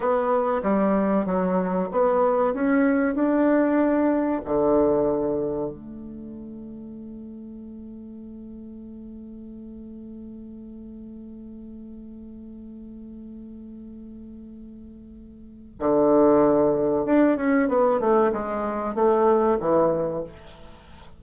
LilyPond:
\new Staff \with { instrumentName = "bassoon" } { \time 4/4 \tempo 4 = 95 b4 g4 fis4 b4 | cis'4 d'2 d4~ | d4 a2.~ | a1~ |
a1~ | a1~ | a4 d2 d'8 cis'8 | b8 a8 gis4 a4 e4 | }